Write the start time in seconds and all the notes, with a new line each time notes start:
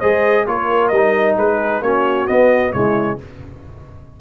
0.00 G#3 G#4 C5 D#5
0.47 A#3 F4 A#4 C#5
0.88 G3 D#5
0.96 D#4
1.37 G#3 G#4 B4
1.82 A#3 C#4 F#4 C#5
2.28 B3 D#5
2.73 C#3 G#3 E4 C#5